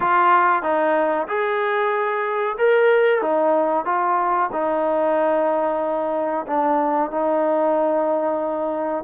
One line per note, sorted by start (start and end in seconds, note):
0.00 0.62 F4
0.62 1.27 D#4
1.28 2.57 G#4
2.57 3.21 A#4
3.21 3.85 D#4
3.85 4.50 F4
4.52 6.45 D#4
6.47 7.11 D4
7.11 9.04 D#4